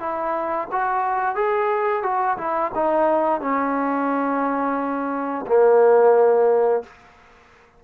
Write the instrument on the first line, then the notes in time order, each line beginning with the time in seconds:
trombone
0.00 E4
0.72 F#4
1.35 G#4
2.03 F#4
2.38 E4
2.75 D#4
3.41 C#4
5.47 A#3